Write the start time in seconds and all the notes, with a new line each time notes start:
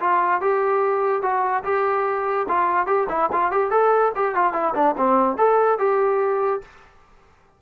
0.00 F4
0.41 G4
1.22 F#4
1.64 G4
2.48 F4
2.86 G4
3.09 E4
3.32 F4
3.51 G4
3.71 A4
4.15 G4
4.35 F4
4.53 E4
4.75 D4
4.97 C4
5.37 A4
5.79 G4